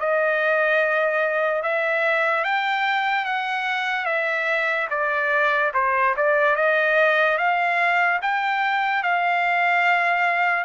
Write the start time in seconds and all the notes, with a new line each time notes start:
0.00 D#5
1.63 E5
2.44 G5
3.25 F#5
4.06 E5
4.91 D5
5.74 C5
6.17 D5
6.56 D#5
7.38 F5
8.22 G5
9.03 F5